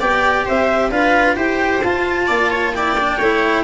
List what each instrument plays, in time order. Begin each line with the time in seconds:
0.00 tuba B3, cello G4, viola D5, clarinet G5
0.46 tuba C4, viola C5, clarinet E5
0.91 tuba D4, cello F4, viola B4, clarinet F5
1.36 tuba E4, cello G4, viola C5, clarinet G5
1.83 tuba F4, cello F4, clarinet A5
2.27 tuba A#3, viola D5
2.51 viola C#5
2.75 cello E4, viola D5, clarinet G5
2.99 cello D4
3.17 tuba A3, cello E4, viola C#5